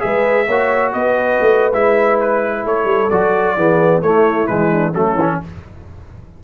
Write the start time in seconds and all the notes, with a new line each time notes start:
0.00 G#3 G#4 B4 E5
0.46 A#3 F#4 C#5
0.93 B3 B4 D#5
1.41 A3
1.73 G#3 E4 E5
2.20 B4
2.65 A3 A4 C#5
2.85 G3
3.10 F#3 F#4 D5
3.56 E3 B3 G#4
4.02 A3 E4 C#5
4.47 E3 G#3 B4
4.71 D4
4.92 F#3 A3 C#4 A4
5.15 E3 C#4